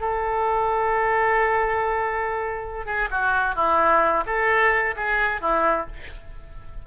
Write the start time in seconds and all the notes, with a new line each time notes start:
0.00 A4
2.86 G#4
3.10 F#4
3.55 E4
4.26 A4
4.96 G#4
5.41 E4